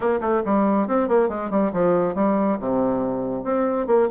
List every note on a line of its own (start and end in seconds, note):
0.00 0.20 A#3
0.20 0.42 A3
0.45 0.87 G3
0.87 1.08 C4
1.08 1.28 A#3
1.28 1.50 G#3
1.50 1.71 G3
1.72 2.15 F3
2.15 2.58 G3
2.59 3.43 C3
3.43 3.86 C4
3.86 4.08 A#3